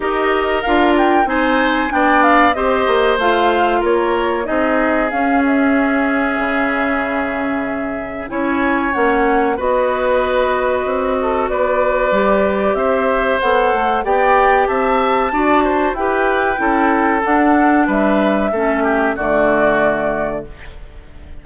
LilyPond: <<
  \new Staff \with { instrumentName = "flute" } { \time 4/4 \tempo 4 = 94 dis''4 f''8 g''8 gis''4 g''8 f''8 | dis''4 f''4 cis''4 dis''4 | f''8 e''2.~ e''8~ | e''4 gis''4 fis''4 dis''4~ |
dis''2 d''2 | e''4 fis''4 g''4 a''4~ | a''4 g''2 fis''4 | e''2 d''2 | }
  \new Staff \with { instrumentName = "oboe" } { \time 4/4 ais'2 c''4 d''4 | c''2 ais'4 gis'4~ | gis'1~ | gis'4 cis''2 b'4~ |
b'4. a'8 b'2 | c''2 d''4 e''4 | d''8 c''8 b'4 a'2 | b'4 a'8 g'8 fis'2 | }
  \new Staff \with { instrumentName = "clarinet" } { \time 4/4 g'4 f'4 dis'4 d'4 | g'4 f'2 dis'4 | cis'1~ | cis'4 e'4 cis'4 fis'4~ |
fis'2. g'4~ | g'4 a'4 g'2 | fis'4 g'4 e'4 d'4~ | d'4 cis'4 a2 | }
  \new Staff \with { instrumentName = "bassoon" } { \time 4/4 dis'4 d'4 c'4 b4 | c'8 ais8 a4 ais4 c'4 | cis'2 cis2~ | cis4 cis'4 ais4 b4~ |
b4 c'4 b4 g4 | c'4 b8 a8 b4 c'4 | d'4 e'4 cis'4 d'4 | g4 a4 d2 | }
>>